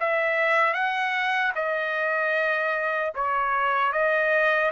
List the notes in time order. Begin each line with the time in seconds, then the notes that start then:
0.00 E5
0.74 F#5
1.55 D#5
3.15 C#5
3.92 D#5